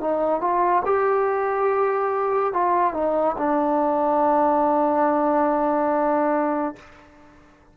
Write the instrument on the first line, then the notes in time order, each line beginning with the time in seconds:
trombone
0.00 D#4
0.40 F4
0.85 G4
2.53 F4
2.93 D#4
3.37 D4